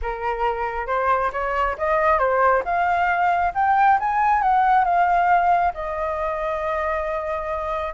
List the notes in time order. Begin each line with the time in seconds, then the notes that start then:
0.02 A#4
0.87 C5
1.32 C#5
1.78 D#5
2.18 C5
2.64 F5
3.54 G5
3.99 G#5
4.41 F#5
4.84 F5
5.74 D#5